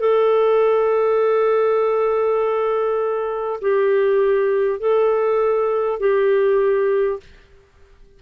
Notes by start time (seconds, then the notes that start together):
0.00 A4
3.61 G4
4.79 A4
5.99 G4